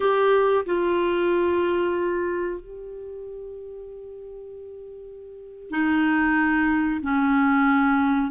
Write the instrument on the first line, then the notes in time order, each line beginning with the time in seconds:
clarinet
0.00 G4
0.65 F4
2.60 G4
5.70 D#4
7.02 C#4